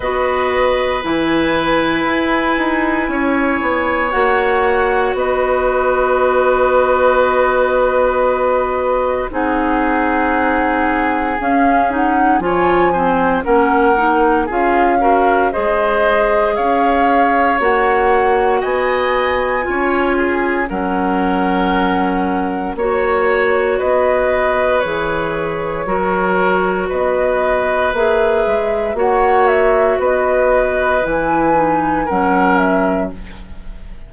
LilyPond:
<<
  \new Staff \with { instrumentName = "flute" } { \time 4/4 \tempo 4 = 58 dis''4 gis''2. | fis''4 dis''2.~ | dis''4 fis''2 f''8 fis''8 | gis''4 fis''4 f''4 dis''4 |
f''4 fis''4 gis''2 | fis''2 cis''4 dis''4 | cis''2 dis''4 e''4 | fis''8 e''8 dis''4 gis''4 fis''8 e''8 | }
  \new Staff \with { instrumentName = "oboe" } { \time 4/4 b'2. cis''4~ | cis''4 b'2.~ | b'4 gis'2. | cis''8 c''8 ais'4 gis'8 ais'8 c''4 |
cis''2 dis''4 cis''8 gis'8 | ais'2 cis''4 b'4~ | b'4 ais'4 b'2 | cis''4 b'2 ais'4 | }
  \new Staff \with { instrumentName = "clarinet" } { \time 4/4 fis'4 e'2. | fis'1~ | fis'4 dis'2 cis'8 dis'8 | f'8 c'8 cis'8 dis'8 f'8 fis'8 gis'4~ |
gis'4 fis'2 f'4 | cis'2 fis'2 | gis'4 fis'2 gis'4 | fis'2 e'8 dis'8 cis'4 | }
  \new Staff \with { instrumentName = "bassoon" } { \time 4/4 b4 e4 e'8 dis'8 cis'8 b8 | ais4 b2.~ | b4 c'2 cis'4 | f4 ais4 cis'4 gis4 |
cis'4 ais4 b4 cis'4 | fis2 ais4 b4 | e4 fis4 b4 ais8 gis8 | ais4 b4 e4 fis4 | }
>>